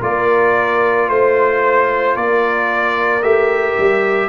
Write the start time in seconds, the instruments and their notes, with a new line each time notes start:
0.00 tuba A#3, trombone F4, horn A#4, trumpet D5
1.08 tuba A3, trumpet C5, horn C5
2.15 tuba A#3, horn A#4, trumpet D5
3.21 tuba A3, trombone G4, trumpet E5
3.78 tuba G3